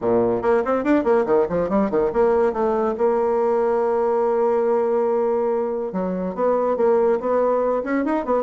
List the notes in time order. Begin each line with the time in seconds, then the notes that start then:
0.01 A#2
0.42 A#3
0.65 C4
0.84 D4
1.04 A#3
1.25 D#3
1.49 F3
1.69 G3
1.90 D#3
2.13 A#3
2.52 A3
2.97 A#3
5.92 F#3
6.35 B3
6.76 A#3
7.19 B3
7.83 C#4
8.04 D#4
8.25 B3